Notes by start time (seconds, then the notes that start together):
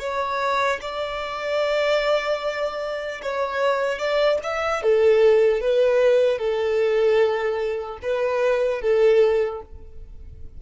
0.00 C#5
0.82 D5
3.23 C#5
3.99 D5
4.44 E5
4.83 A4
5.61 B4
6.39 A4
8.03 B4
8.82 A4